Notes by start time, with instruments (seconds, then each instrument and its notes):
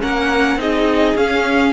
0.00 cello A#3, viola C#4, violin A#4 F#5
0.56 cello C4, viola D#4, violin G#4 D#5
1.15 cello C#4, viola C#4, violin F5